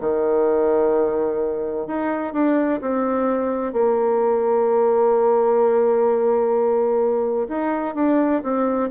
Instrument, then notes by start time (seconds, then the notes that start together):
bassoon
0.00 D#3
1.87 D#4
2.33 D4
2.81 C4
3.72 A#3
7.48 D#4
7.95 D4
8.43 C4